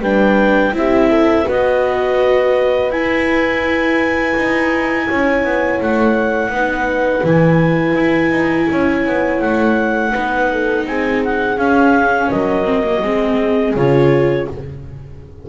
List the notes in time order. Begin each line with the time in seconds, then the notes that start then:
0.00 G3 D4 B4 G5
0.73 C4 E4 G4 E5
1.10 A4
1.45 B3 F#4 B4 D#5
2.90 E4 G#5
4.36 D#4
5.08 C#4 C#5
5.44 B3
5.81 A3 F#5
6.50 B3 D#4 B4
7.23 E3 E4 G#5
7.95 E4
8.31 D#4
8.71 C#4 C#5
9.06 B3
9.41 A3 F#5
10.12 B3 D#4 B4
10.51 A4
10.86 C4 G#4 G#5
11.24 F#5
11.57 C#4 F5
12.31 F#3 A#4 D#5
12.65 C4
12.84 A#3
13.02 G#3 C4 G#4
13.76 C#3 F4 C#5